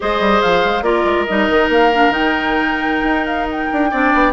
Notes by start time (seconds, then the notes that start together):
0.00 G#3 G#4 C5 D#5
0.19 G3
0.41 F3 F5
0.64 G#3
0.81 A#3 F4 A#4 D5
1.04 G#3
1.25 G3 D#4 D#5
1.49 D#3
1.68 A#3 F5
1.92 D4
2.08 D#3 D#4 G5
3.02 D#4
3.26 F5
3.51 G5
3.72 D4
3.90 C4 D4 D5
4.13 B3